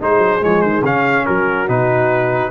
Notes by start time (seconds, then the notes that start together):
0.00 G#3 D#4 G#4 C5
0.18 F#3
0.40 F3 G#3 C#5
0.61 D#3 C5
0.82 C#3 C#4 F5
1.25 F#3 F#4 A#4
1.67 B2 D#4 B4